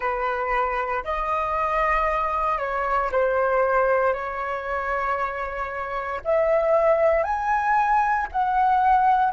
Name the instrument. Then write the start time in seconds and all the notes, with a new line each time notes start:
flute
0.00 B4
1.04 D#5
2.58 C#5
3.11 C5
4.13 C#5
6.24 E5
7.23 G#5
8.31 F#5